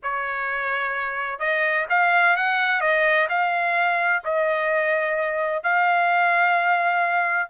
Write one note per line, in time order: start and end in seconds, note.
0.02 1.39 C#5
1.39 1.86 D#5
1.89 2.36 F5
2.36 2.80 F#5
2.80 3.27 D#5
3.29 4.23 F5
4.24 5.63 D#5
5.63 7.49 F5